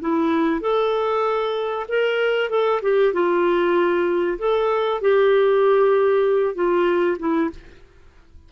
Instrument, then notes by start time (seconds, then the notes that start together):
clarinet
0.00 E4
0.61 A4
1.88 A#4
2.49 A4
2.82 G4
3.13 F4
4.38 A4
5.01 G4
6.55 F4
7.18 E4